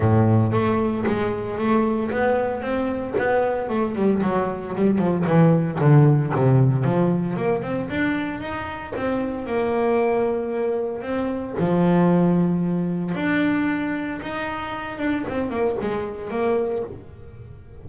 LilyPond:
\new Staff \with { instrumentName = "double bass" } { \time 4/4 \tempo 4 = 114 a,4 a4 gis4 a4 | b4 c'4 b4 a8 g8 | fis4 g8 f8 e4 d4 | c4 f4 ais8 c'8 d'4 |
dis'4 c'4 ais2~ | ais4 c'4 f2~ | f4 d'2 dis'4~ | dis'8 d'8 c'8 ais8 gis4 ais4 | }